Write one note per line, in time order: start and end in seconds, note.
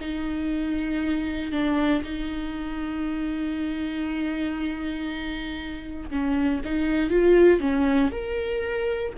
0.00 1.52 D#4
1.52 2.02 D4
2.03 6.10 D#4
6.10 6.61 C#4
6.64 7.10 D#4
7.10 7.59 F4
7.59 8.10 C#4
8.11 9.12 A#4